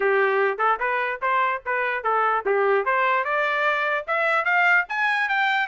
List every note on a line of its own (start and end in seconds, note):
0.00 0.58 G4
0.58 0.78 A4
0.79 1.20 B4
1.21 1.62 C5
1.65 2.03 B4
2.03 2.44 A4
2.45 2.85 G4
2.85 3.24 C5
3.24 4.05 D5
4.07 4.44 E5
4.44 4.85 F5
4.89 5.29 G#5
5.29 5.67 G5